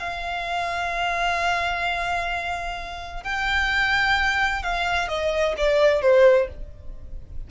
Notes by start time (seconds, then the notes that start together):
0.00 F5
3.24 G5
4.63 F5
5.09 D#5
5.58 D5
6.02 C5